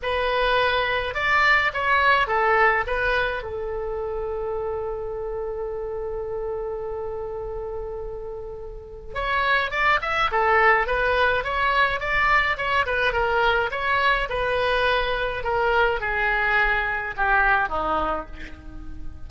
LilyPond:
\new Staff \with { instrumentName = "oboe" } { \time 4/4 \tempo 4 = 105 b'2 d''4 cis''4 | a'4 b'4 a'2~ | a'1~ | a'1 |
cis''4 d''8 e''8 a'4 b'4 | cis''4 d''4 cis''8 b'8 ais'4 | cis''4 b'2 ais'4 | gis'2 g'4 dis'4 | }